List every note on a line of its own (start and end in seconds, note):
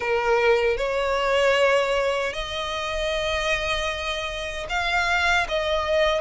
0.00 0.77 A#4
0.77 2.33 C#5
2.33 4.66 D#5
4.69 5.47 F5
5.48 6.21 D#5